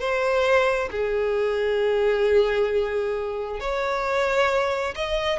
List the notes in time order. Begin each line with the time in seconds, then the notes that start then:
0.00 C5
0.91 G#4
3.60 C#5
4.95 D#5